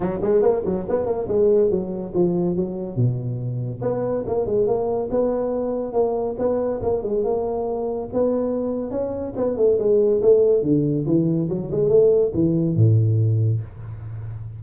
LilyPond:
\new Staff \with { instrumentName = "tuba" } { \time 4/4 \tempo 4 = 141 fis8 gis8 ais8 fis8 b8 ais8 gis4 | fis4 f4 fis4 b,4~ | b,4 b4 ais8 gis8 ais4 | b2 ais4 b4 |
ais8 gis8 ais2 b4~ | b4 cis'4 b8 a8 gis4 | a4 d4 e4 fis8 gis8 | a4 e4 a,2 | }